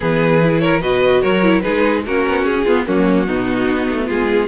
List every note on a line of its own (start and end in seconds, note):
0.00 0.82 E3
0.00 0.41 B3
0.00 0.61 G#4
0.00 0.59 B4
0.41 0.81 E4
0.59 0.81 A#4
0.59 0.80 C#5
0.81 1.22 B2
0.81 1.42 F#4
0.81 1.21 B4
0.81 1.22 D#5
1.21 1.64 F#3
1.21 1.62 A#4
1.21 1.61 C#5
1.42 1.62 E4
1.61 2.06 G#3
1.61 2.03 D#4
1.61 2.03 G#4
1.61 2.01 B4
2.06 2.26 A#3
2.06 2.66 C#4
2.06 2.64 F#4
2.06 2.45 A#4
2.27 2.44 B3
2.44 2.64 C#4
2.44 2.86 G#4
2.64 2.86 B3
2.64 2.84 F4
2.86 3.28 F#3
2.86 3.26 A#3
2.86 3.27 C#4
2.86 4.08 F#4
3.26 3.67 B2
3.26 4.47 B3
3.26 4.06 D#4
3.67 3.87 B3
3.89 4.10 A3
4.06 4.47 G#3
4.06 4.46 F4
4.06 4.47 G#4